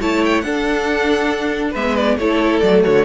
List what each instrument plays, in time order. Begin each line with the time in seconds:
0.00 cello A3, viola E4, violin C#5 A5
0.25 violin G5
0.41 cello D4, viola D4, violin A4 F#5
1.71 cello G#3, viola B3, violin B4 E5
1.96 violin D5
2.17 cello A3, viola E4, violin A4 C#5
2.60 cello F#3, viola A3, violin D5
2.84 cello D3, violin F#4 C#5